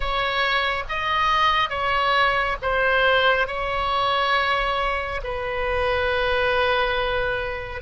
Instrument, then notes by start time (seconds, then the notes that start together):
oboe
0.00 C#5
0.89 D#5
1.70 C#5
2.62 C5
3.47 C#5
5.23 B4